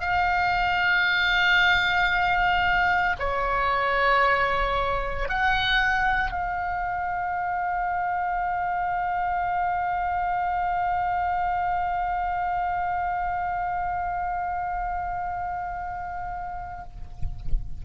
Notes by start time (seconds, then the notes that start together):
0.00 F5
3.19 C#5
5.29 F#5
6.31 F5